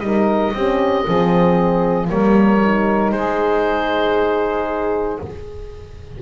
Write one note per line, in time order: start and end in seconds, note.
0.00 0.52 G3
0.00 0.54 D#4
0.00 0.53 A#4
0.00 2.07 D#5
0.53 1.06 C4
0.53 1.06 C#4
0.53 1.05 G4
1.05 2.10 F3
1.05 2.07 C4
1.05 2.08 G#4
2.07 3.12 G3
2.07 2.59 A#3
2.07 3.15 A#4
2.07 3.12 C#5
2.63 5.22 D#4
3.12 5.19 G#3
3.12 5.22 G#4
3.12 5.19 C5